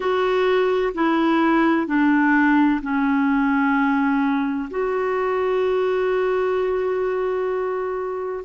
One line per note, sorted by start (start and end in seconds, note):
0.00 0.93 F#4
0.94 1.87 E4
1.87 2.80 D4
2.81 4.69 C#4
4.70 8.44 F#4